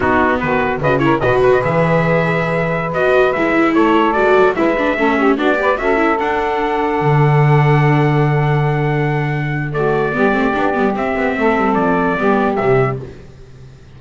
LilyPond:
<<
  \new Staff \with { instrumentName = "trumpet" } { \time 4/4 \tempo 4 = 148 fis'4 b'4 dis''8 cis''8 dis''8 b'16 dis''16 | e''2.~ e''16 dis''8.~ | dis''16 e''4 cis''4 d''4 e''8.~ | e''4~ e''16 d''4 e''4 fis''8.~ |
fis''1~ | fis''1 | d''2. e''4~ | e''4 d''2 e''4 | }
  \new Staff \with { instrumentName = "saxophone" } { \time 4/4 dis'4 fis'4 b'8 ais'8 b'4~ | b'1~ | b'4~ b'16 a'2 b'8.~ | b'16 a'8 g'8 fis'8 b'8 a'4.~ a'16~ |
a'1~ | a'1 | fis'4 g'2. | a'2 g'2 | }
  \new Staff \with { instrumentName = "viola" } { \time 4/4 b2 fis'8 e'8 fis'4 | gis'2.~ gis'16 fis'8.~ | fis'16 e'2 fis'4 e'8 d'16~ | d'16 cis'4 d'8 g'8 fis'8 e'8 d'8.~ |
d'1~ | d'1 | a4 b8 c'8 d'8 b8 c'4~ | c'2 b4 g4 | }
  \new Staff \with { instrumentName = "double bass" } { \time 4/4 b4 dis4 cis4 b,4 | e2.~ e16 b8.~ | b16 gis4 a4 gis8 fis8 gis8.~ | gis16 a4 b4 cis'4 d'8.~ |
d'4~ d'16 d2~ d8.~ | d1~ | d4 g8 a8 b8 g8 c'8 b8 | a8 g8 f4 g4 c4 | }
>>